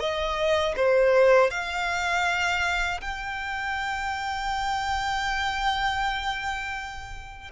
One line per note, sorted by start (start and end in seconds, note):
0.00 0.75 D#5
0.77 1.51 C5
1.51 3.01 F5
3.01 7.51 G5